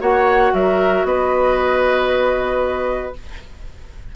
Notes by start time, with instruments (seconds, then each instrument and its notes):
0.00 bassoon A#3, clarinet F#4, oboe C#5, flute F#5
0.53 bassoon F#3, oboe A#4, flute E5
1.04 bassoon B3, oboe B4, flute D#5